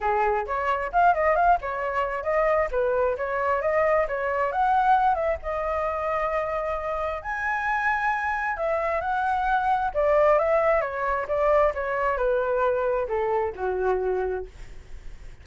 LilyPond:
\new Staff \with { instrumentName = "flute" } { \time 4/4 \tempo 4 = 133 gis'4 cis''4 f''8 dis''8 f''8 cis''8~ | cis''4 dis''4 b'4 cis''4 | dis''4 cis''4 fis''4. e''8 | dis''1 |
gis''2. e''4 | fis''2 d''4 e''4 | cis''4 d''4 cis''4 b'4~ | b'4 a'4 fis'2 | }